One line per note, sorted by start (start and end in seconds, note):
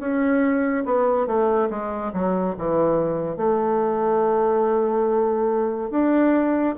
0.00 0.85 C#4
0.86 1.27 B3
1.27 1.69 A3
1.70 2.12 G#3
2.13 2.55 F#3
2.58 3.37 E3
3.37 5.90 A3
5.90 6.75 D4